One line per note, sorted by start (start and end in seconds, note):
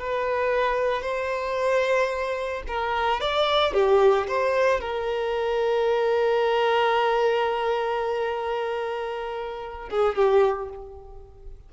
0.00 1.03 B4
1.03 2.63 C5
2.68 3.21 A#4
3.21 3.74 D5
3.74 4.28 G4
4.28 4.81 C5
4.81 9.90 A#4
9.91 10.16 G#4
10.16 10.70 G4